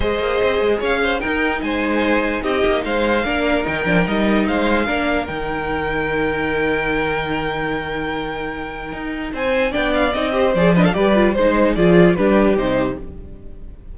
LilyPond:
<<
  \new Staff \with { instrumentName = "violin" } { \time 4/4 \tempo 4 = 148 dis''2 f''4 g''4 | gis''2 dis''4 f''4~ | f''4 g''4 dis''4 f''4~ | f''4 g''2.~ |
g''1~ | g''2. gis''4 | g''8 f''8 dis''4 d''8 dis''16 f''16 d''4 | c''4 d''4 b'4 c''4 | }
  \new Staff \with { instrumentName = "violin" } { \time 4/4 c''2 cis''8 c''8 ais'4 | c''2 g'4 c''4 | ais'2. c''4 | ais'1~ |
ais'1~ | ais'2. c''4 | d''4. c''4 b'16 a'16 b'4 | c''4 gis'4 g'2 | }
  \new Staff \with { instrumentName = "viola" } { \time 4/4 gis'2. dis'4~ | dis'1 | d'4 dis'8 d'8 dis'2 | d'4 dis'2.~ |
dis'1~ | dis'1 | d'4 dis'8 g'8 gis'8 d'8 g'8 f'8 | dis'4 f'4 d'4 dis'4 | }
  \new Staff \with { instrumentName = "cello" } { \time 4/4 gis8 ais8 c'8 gis8 cis'4 dis'4 | gis2 c'8 ais8 gis4 | ais4 dis8 f8 g4 gis4 | ais4 dis2.~ |
dis1~ | dis2 dis'4 c'4 | b4 c'4 f4 g4 | gis4 f4 g4 c4 | }
>>